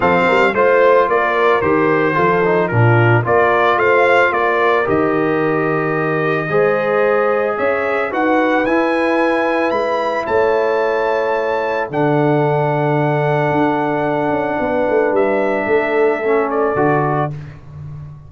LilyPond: <<
  \new Staff \with { instrumentName = "trumpet" } { \time 4/4 \tempo 4 = 111 f''4 c''4 d''4 c''4~ | c''4 ais'4 d''4 f''4 | d''4 dis''2.~ | dis''2 e''4 fis''4 |
gis''2 b''4 a''4~ | a''2 fis''2~ | fis''1 | e''2~ e''8 d''4. | }
  \new Staff \with { instrumentName = "horn" } { \time 4/4 a'8 ais'8 c''4 ais'2 | a'4 f'4 ais'4 c''4 | ais'1 | c''2 cis''4 b'4~ |
b'2. cis''4~ | cis''2 a'2~ | a'2. b'4~ | b'4 a'2. | }
  \new Staff \with { instrumentName = "trombone" } { \time 4/4 c'4 f'2 g'4 | f'8 dis'8 d'4 f'2~ | f'4 g'2. | gis'2. fis'4 |
e'1~ | e'2 d'2~ | d'1~ | d'2 cis'4 fis'4 | }
  \new Staff \with { instrumentName = "tuba" } { \time 4/4 f8 g8 a4 ais4 dis4 | f4 ais,4 ais4 a4 | ais4 dis2. | gis2 cis'4 dis'4 |
e'2 gis4 a4~ | a2 d2~ | d4 d'4. cis'8 b8 a8 | g4 a2 d4 | }
>>